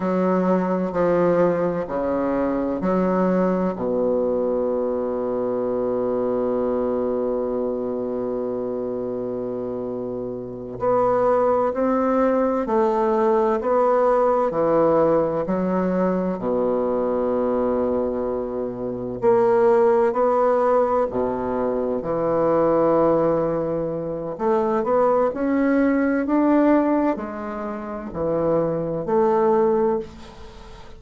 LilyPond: \new Staff \with { instrumentName = "bassoon" } { \time 4/4 \tempo 4 = 64 fis4 f4 cis4 fis4 | b,1~ | b,2.~ b,8 b8~ | b8 c'4 a4 b4 e8~ |
e8 fis4 b,2~ b,8~ | b,8 ais4 b4 b,4 e8~ | e2 a8 b8 cis'4 | d'4 gis4 e4 a4 | }